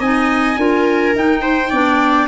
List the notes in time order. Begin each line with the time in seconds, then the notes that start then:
0.00 C4 D#4 D#5 G#5
0.57 D4 F4 A#4
1.15 D#4 G5
1.42 C5
1.70 B3 D4 D5